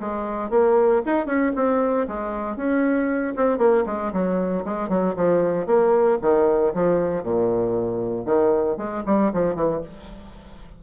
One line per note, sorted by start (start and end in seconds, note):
0.00 0.50 G#3
0.50 1.02 A#3
1.05 1.26 D#4
1.26 1.52 C#4
1.55 2.07 C4
2.07 2.56 G#3
2.56 3.34 C#4
3.36 3.58 C4
3.58 3.84 A#3
3.86 4.12 G#3
4.12 4.64 F#3
4.65 4.89 G#3
4.89 5.14 F#3
5.16 5.66 F3
5.66 6.18 A#3
6.21 6.73 D#3
6.74 7.23 F3
7.23 8.25 A#2
8.25 8.77 D#3
8.77 9.03 G#3
9.06 9.32 G3
9.33 9.55 F3
9.55 9.81 E3